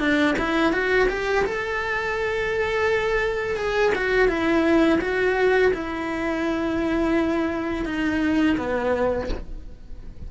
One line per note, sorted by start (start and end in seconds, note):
0.00 0.36 D4
0.39 0.73 E4
0.73 1.09 F#4
1.09 1.45 G4
1.45 3.57 A4
3.57 3.93 G#4
3.95 4.29 F#4
4.29 5.00 E4
5.01 5.73 F#4
5.74 7.86 E4
7.86 8.57 D#4
8.58 9.30 B3